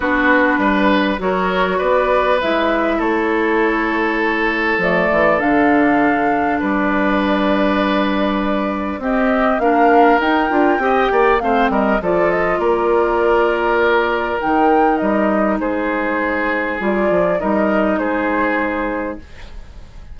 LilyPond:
<<
  \new Staff \with { instrumentName = "flute" } { \time 4/4 \tempo 4 = 100 b'2 cis''4 d''4 | e''4 cis''2. | d''4 f''2 d''4~ | d''2. dis''4 |
f''4 g''2 f''8 dis''8 | d''8 dis''8 d''2. | g''4 dis''4 c''2 | d''4 dis''4 c''2 | }
  \new Staff \with { instrumentName = "oboe" } { \time 4/4 fis'4 b'4 ais'4 b'4~ | b'4 a'2.~ | a'2. b'4~ | b'2. g'4 |
ais'2 dis''8 d''8 c''8 ais'8 | a'4 ais'2.~ | ais'2 gis'2~ | gis'4 ais'4 gis'2 | }
  \new Staff \with { instrumentName = "clarinet" } { \time 4/4 d'2 fis'2 | e'1 | a4 d'2.~ | d'2. c'4 |
d'4 dis'8 f'8 g'4 c'4 | f'1 | dis'1 | f'4 dis'2. | }
  \new Staff \with { instrumentName = "bassoon" } { \time 4/4 b4 g4 fis4 b4 | gis4 a2. | f8 e8 d2 g4~ | g2. c'4 |
ais4 dis'8 d'8 c'8 ais8 a8 g8 | f4 ais2. | dis4 g4 gis2 | g8 f8 g4 gis2 | }
>>